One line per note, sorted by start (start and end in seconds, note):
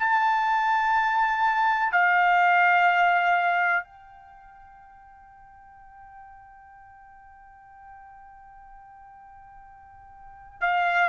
0.00 1.93 A5
1.93 3.84 F5
3.84 10.61 G5
10.61 11.09 F5